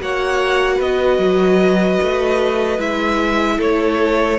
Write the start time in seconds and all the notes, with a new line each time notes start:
0.00 A#3 F#4 C#5 F#5
0.76 B3 B4 D#5
1.19 F#3
2.03 A3
2.79 G#3 E4 E5
3.58 A3 A4 C#5